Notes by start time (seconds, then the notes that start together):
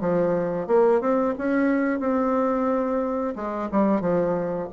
0.00 F3
0.67 A#3
1.00 C4
1.38 C#4
1.99 C4
3.35 G#3
3.71 G3
4.00 F3